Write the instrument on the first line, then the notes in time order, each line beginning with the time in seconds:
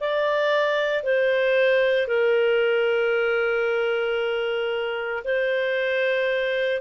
clarinet
0.00 D5
1.03 C5
2.07 A#4
5.24 C5